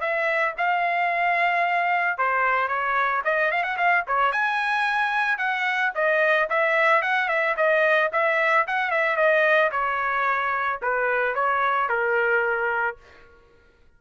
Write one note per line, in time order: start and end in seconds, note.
0.00 0.54 E5
0.57 2.18 F5
2.18 2.68 C5
2.68 3.22 C#5
3.24 3.51 D#5
3.51 3.63 F5
3.63 3.76 F#5
3.77 4.04 F5
4.07 4.32 C#5
4.32 5.38 G#5
5.38 5.92 F#5
5.94 6.48 D#5
6.49 7.02 E5
7.02 7.28 F#5
7.28 7.55 E5
7.57 8.11 D#5
8.12 8.66 E5
8.67 8.91 F#5
8.91 9.16 E5
9.16 9.70 D#5
9.71 10.80 C#5
10.82 11.34 B4
11.34 11.88 C#5
11.88 12.96 A#4